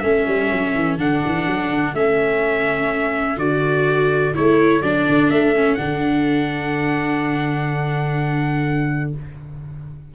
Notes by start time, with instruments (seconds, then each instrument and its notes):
0.00 tuba A3, viola C#4, clarinet A4, trumpet E5
0.28 tuba G3
0.52 tuba F#3
0.75 tuba E3
0.97 tuba D3, viola D4, trumpet F#5
1.26 tuba E3
1.47 tuba F#3
1.70 tuba D3
1.94 tuba A3, viola C#4, trumpet E5
3.38 tuba D3, viola F#4, trumpet D5
4.34 tuba A3, viola E4, trumpet C#5
4.82 tuba F#3, viola D4, trumpet D5
5.09 tuba D3
5.30 tuba A3, trumpet E5
5.55 viola C#4
5.75 tuba D3, viola D4, trumpet F#5